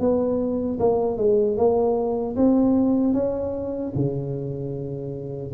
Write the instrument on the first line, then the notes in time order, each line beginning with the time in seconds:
tuba
0.00 B3
0.80 A#3
1.18 G#3
1.57 A#3
2.37 C4
3.14 C#4
3.95 C#3